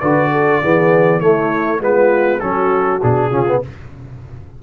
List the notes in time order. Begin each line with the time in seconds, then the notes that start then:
0.00 D3 F#4 B4 D5
0.32 A4
0.61 E3 B3 G#4
1.20 A3 E4 C#5
1.79 G#3 B3 F4 B4
2.40 F#3 C#4 F#4 A4
3.02 B2 D4 G#4
3.30 C#3 C#4 F4
3.47 B3